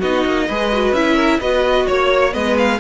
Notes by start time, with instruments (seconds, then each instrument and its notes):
0.00 cello B3, viola D#4, violin F#4 D#5
0.26 cello A#3
0.49 cello G#3, viola G#4, violin B4
0.73 viola F#4
0.93 cello C#4, viola E4, violin E5
1.15 violin A#4
1.40 cello B3, viola F#4, violin B4 D#5
1.87 cello A#3, violin C#5
2.32 cello G#3, viola B3, violin B4 D#5
2.58 violin F5